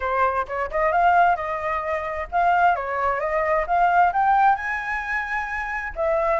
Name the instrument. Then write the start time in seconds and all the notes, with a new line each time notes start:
flute
0.00 C5
0.47 C#5
0.70 D#5
0.92 F5
1.36 D#5
2.31 F5
2.75 C#5
3.19 D#5
3.66 F5
4.12 G5
4.55 G#5
5.95 E5